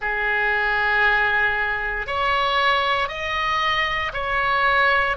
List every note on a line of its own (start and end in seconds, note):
0.01 2.06 G#4
2.06 3.08 C#5
3.08 4.11 D#5
4.13 5.16 C#5